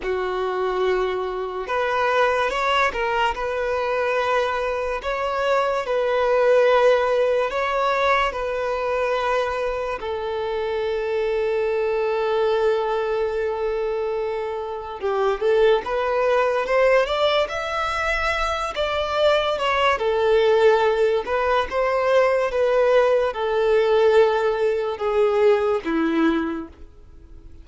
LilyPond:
\new Staff \with { instrumentName = "violin" } { \time 4/4 \tempo 4 = 72 fis'2 b'4 cis''8 ais'8 | b'2 cis''4 b'4~ | b'4 cis''4 b'2 | a'1~ |
a'2 g'8 a'8 b'4 | c''8 d''8 e''4. d''4 cis''8 | a'4. b'8 c''4 b'4 | a'2 gis'4 e'4 | }